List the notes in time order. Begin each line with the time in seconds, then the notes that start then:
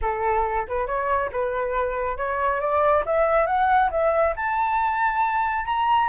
0.01 A4
0.67 B4
0.86 C#5
1.31 B4
2.17 C#5
2.60 D5
3.05 E5
3.46 F#5
3.91 E5
4.36 A5
5.65 A#5